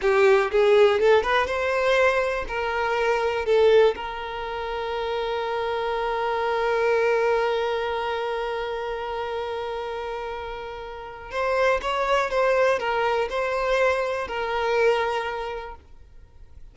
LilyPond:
\new Staff \with { instrumentName = "violin" } { \time 4/4 \tempo 4 = 122 g'4 gis'4 a'8 b'8 c''4~ | c''4 ais'2 a'4 | ais'1~ | ais'1~ |
ais'1~ | ais'2. c''4 | cis''4 c''4 ais'4 c''4~ | c''4 ais'2. | }